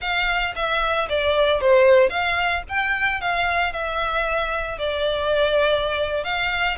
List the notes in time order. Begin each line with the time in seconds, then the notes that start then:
0.01 F5
0.55 E5
1.09 D5
1.60 C5
2.09 F5
2.68 G5
3.21 F5
3.73 E5
4.78 D5
6.24 F5